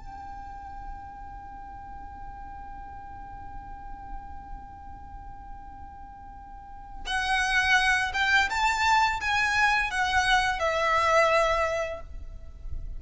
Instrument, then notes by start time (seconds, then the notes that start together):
violin
0.00 G5
7.07 F#5
8.14 G5
8.50 A5
9.21 G#5
9.91 F#5
10.59 E5